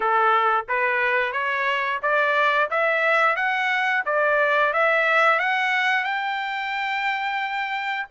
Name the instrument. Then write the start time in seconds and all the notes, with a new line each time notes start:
trumpet
0.00 A4
0.68 B4
1.32 C#5
2.02 D5
2.70 E5
3.36 F#5
4.05 D5
4.73 E5
5.39 F#5
6.04 G5